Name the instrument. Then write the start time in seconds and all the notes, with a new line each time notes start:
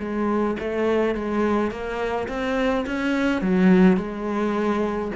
cello
0.00 G#3
0.59 A3
1.15 G#3
1.71 A#3
2.28 C4
2.86 C#4
3.42 F#3
3.97 G#3